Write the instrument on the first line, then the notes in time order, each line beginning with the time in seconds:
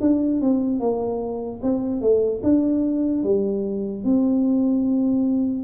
tuba
0.00 D4
0.41 C4
0.79 A#3
1.63 C4
2.01 A3
2.43 D4
3.23 G3
4.04 C4